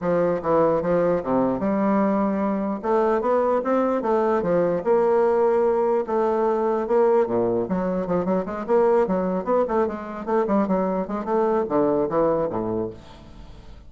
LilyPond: \new Staff \with { instrumentName = "bassoon" } { \time 4/4 \tempo 4 = 149 f4 e4 f4 c4 | g2. a4 | b4 c'4 a4 f4 | ais2. a4~ |
a4 ais4 ais,4 fis4 | f8 fis8 gis8 ais4 fis4 b8 | a8 gis4 a8 g8 fis4 gis8 | a4 d4 e4 a,4 | }